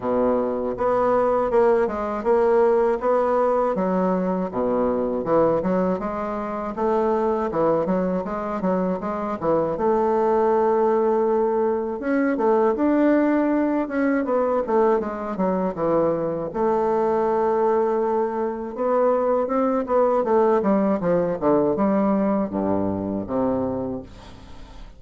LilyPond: \new Staff \with { instrumentName = "bassoon" } { \time 4/4 \tempo 4 = 80 b,4 b4 ais8 gis8 ais4 | b4 fis4 b,4 e8 fis8 | gis4 a4 e8 fis8 gis8 fis8 | gis8 e8 a2. |
cis'8 a8 d'4. cis'8 b8 a8 | gis8 fis8 e4 a2~ | a4 b4 c'8 b8 a8 g8 | f8 d8 g4 g,4 c4 | }